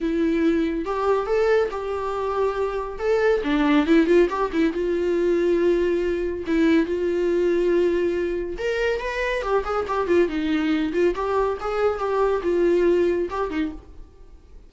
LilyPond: \new Staff \with { instrumentName = "viola" } { \time 4/4 \tempo 4 = 140 e'2 g'4 a'4 | g'2. a'4 | d'4 e'8 f'8 g'8 e'8 f'4~ | f'2. e'4 |
f'1 | ais'4 b'4 g'8 gis'8 g'8 f'8 | dis'4. f'8 g'4 gis'4 | g'4 f'2 g'8 dis'8 | }